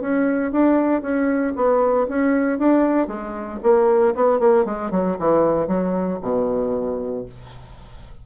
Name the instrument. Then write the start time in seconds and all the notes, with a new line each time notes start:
bassoon
0.00 C#4
0.51 D4
1.01 C#4
1.55 B3
2.08 C#4
2.58 D4
3.07 G#3
3.62 A#3
4.14 B3
4.39 A#3
4.65 G#3
4.91 F#3
5.18 E3
5.67 F#3
6.22 B2